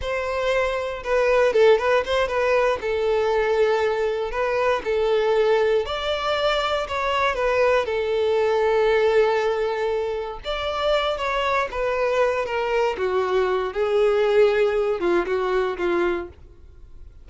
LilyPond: \new Staff \with { instrumentName = "violin" } { \time 4/4 \tempo 4 = 118 c''2 b'4 a'8 b'8 | c''8 b'4 a'2~ a'8~ | a'8 b'4 a'2 d''8~ | d''4. cis''4 b'4 a'8~ |
a'1~ | a'8 d''4. cis''4 b'4~ | b'8 ais'4 fis'4. gis'4~ | gis'4. f'8 fis'4 f'4 | }